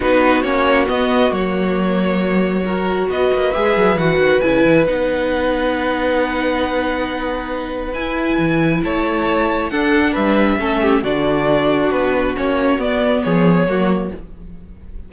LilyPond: <<
  \new Staff \with { instrumentName = "violin" } { \time 4/4 \tempo 4 = 136 b'4 cis''4 dis''4 cis''4~ | cis''2. dis''4 | e''4 fis''4 gis''4 fis''4~ | fis''1~ |
fis''2 gis''2 | a''2 fis''4 e''4~ | e''4 d''2 b'4 | cis''4 d''4 cis''2 | }
  \new Staff \with { instrumentName = "violin" } { \time 4/4 fis'1~ | fis'2 ais'4 b'4~ | b'1~ | b'1~ |
b'1 | cis''2 a'4 b'4 | a'8 g'8 fis'2.~ | fis'2 gis'4 fis'4 | }
  \new Staff \with { instrumentName = "viola" } { \time 4/4 dis'4 cis'4 b4 ais4~ | ais2 fis'2 | gis'4 fis'4 e'4 dis'4~ | dis'1~ |
dis'2 e'2~ | e'2 d'2 | cis'4 d'2. | cis'4 b2 ais4 | }
  \new Staff \with { instrumentName = "cello" } { \time 4/4 b4 ais4 b4 fis4~ | fis2. b8 ais8 | gis8 fis8 e8 dis8 cis8 e8 b4~ | b1~ |
b2 e'4 e4 | a2 d'4 g4 | a4 d2 b4 | ais4 b4 f4 fis4 | }
>>